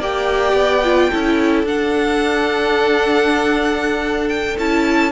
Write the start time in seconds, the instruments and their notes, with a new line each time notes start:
0.00 cello A#3, viola G4, violin D5 G5
0.53 cello B3
0.84 viola F4
1.10 cello C#4, viola E4, violin A4
1.64 cello D4, viola D4, violin F#5
4.29 violin G5
4.58 cello C#4, viola E4, violin A5